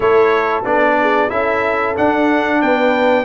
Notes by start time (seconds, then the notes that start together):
0.00 A3 E4 A4 C#5
0.65 B3 D4 D5
1.01 G#4
1.29 C#4 E4 A4 E5
1.95 D4 F#5
2.61 B3 B4 G5